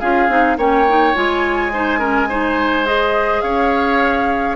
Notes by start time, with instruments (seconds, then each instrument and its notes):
0.00 bassoon C#4, clarinet F4, oboe G#4, flute F5
0.29 bassoon C4, clarinet D#4
0.57 bassoon A#3, clarinet C#4, oboe C#5, flute G5
0.88 clarinet D#4
1.15 bassoon G#3, clarinet F4, flute G#5
1.73 clarinet D#4, oboe C5
1.99 clarinet C#4, oboe A#4
2.29 clarinet D#4, oboe C5
2.86 clarinet G#4, flute D#5
3.42 bassoon C#4, oboe C#5, flute F5